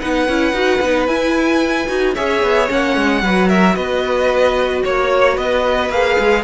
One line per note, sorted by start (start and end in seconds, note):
0.00 0.29 B3
0.00 0.27 D#4
0.00 2.14 B4
0.00 1.07 F#5
0.29 0.53 C#4
0.29 0.54 E4
0.53 0.79 D#4
0.53 0.81 F#4
0.82 1.08 B3
0.82 1.08 D#4
1.07 1.87 E4
1.07 1.88 E4
1.07 2.14 G#5
1.87 2.16 D#4
1.87 2.14 F#4
2.14 2.43 C#4
2.14 2.68 G#4
2.14 3.22 C#5
2.14 2.69 E5
2.43 2.70 B3
2.68 2.96 A#3
2.68 3.22 C#4
2.68 3.49 F#5
2.96 3.23 G#3
3.23 3.76 F#3
3.23 5.92 F#4
3.23 3.48 B4
3.48 3.75 A#4
3.48 3.76 E5
3.76 4.84 B3
3.76 4.83 B4
3.76 4.83 D#5
4.84 5.37 A#3
4.84 5.34 C#5
4.84 5.38 C#5
5.34 5.90 B3
5.34 6.41 B4
5.34 5.91 D#5
5.90 6.17 A#3
5.90 6.45 G#4
5.90 6.45 F5
6.19 6.45 G#3